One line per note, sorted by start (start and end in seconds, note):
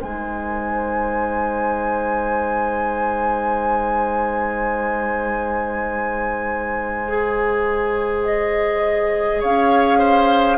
0.00 9.44 G#3
0.00 7.07 D#4
0.00 9.40 C5
0.00 8.24 G#5
7.08 10.58 G#4
8.24 9.42 D#5
9.40 10.58 C#4
9.40 9.99 C#5
9.40 10.58 F5
9.99 10.58 C5